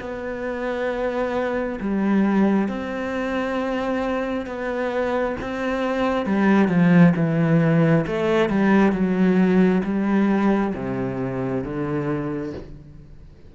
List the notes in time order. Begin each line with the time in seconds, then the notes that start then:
0.00 B3
1.80 G3
2.68 C4
4.46 B3
5.41 C4
6.26 G3
6.68 F3
7.16 E3
8.06 A3
8.49 G3
8.92 F#3
9.84 G3
10.75 C3
11.63 D3